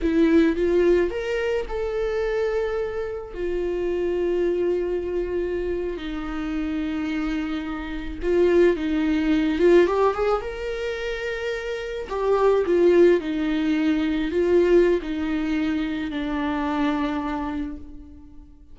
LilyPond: \new Staff \with { instrumentName = "viola" } { \time 4/4 \tempo 4 = 108 e'4 f'4 ais'4 a'4~ | a'2 f'2~ | f'2~ f'8. dis'4~ dis'16~ | dis'2~ dis'8. f'4 dis'16~ |
dis'4~ dis'16 f'8 g'8 gis'8 ais'4~ ais'16~ | ais'4.~ ais'16 g'4 f'4 dis'16~ | dis'4.~ dis'16 f'4~ f'16 dis'4~ | dis'4 d'2. | }